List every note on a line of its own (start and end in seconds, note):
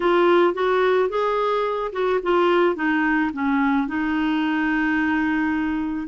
0.00 0.54 F4
0.54 1.09 F#4
1.09 1.91 G#4
1.92 2.19 F#4
2.22 2.75 F4
2.75 3.30 D#4
3.33 3.87 C#4
3.87 6.07 D#4